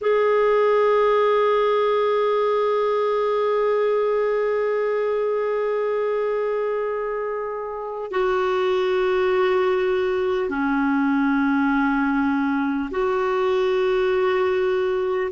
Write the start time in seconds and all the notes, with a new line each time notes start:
0.01 G#4
8.11 F#4
10.49 C#4
12.90 F#4